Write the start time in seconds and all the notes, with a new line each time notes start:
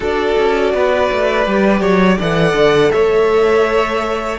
0.00 D4 F#4 A4 D5
0.37 C#4
0.73 B3 B4
1.11 A3
1.46 G3 G4
1.80 F#3 C#5
2.18 E3 A4 D5 F#5
2.53 D3
2.91 A3 C#5 E5